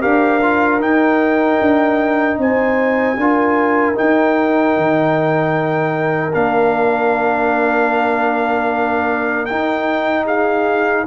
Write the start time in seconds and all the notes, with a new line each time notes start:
0.00 D4 G4 A#4 F5
0.42 F4
0.79 D#4 G5
1.61 D4
2.37 C4 C5 G#5
3.16 D4 F4 A#4
3.94 D#4 G5
4.76 D#3
6.32 A#3 D4 F5
9.45 D#4 G5
10.25 G#4 F5